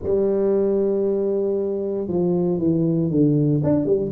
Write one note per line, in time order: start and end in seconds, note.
0.03 2.07 G3
2.07 2.58 F3
2.58 3.10 E3
3.10 3.62 D3
3.63 3.85 D4
3.85 4.11 G3